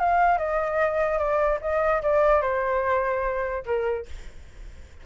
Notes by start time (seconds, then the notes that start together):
0.00 F5
0.38 D#5
1.19 D5
1.62 D#5
2.03 D5
2.42 C5
3.66 A#4